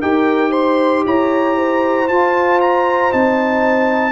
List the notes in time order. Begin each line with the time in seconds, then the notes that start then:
0.00 D#4 G4 A#4 G5
0.50 C5 C6
1.06 E4 C#5 A#5
1.56 C5
2.08 F4 A5
2.61 A#5
3.12 C4 D#4 A5